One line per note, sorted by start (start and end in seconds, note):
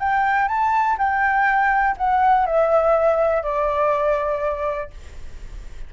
0.00 0.48 G5
0.48 0.97 A5
0.98 1.96 G5
1.97 2.46 F#5
2.46 3.43 E5
3.43 4.90 D5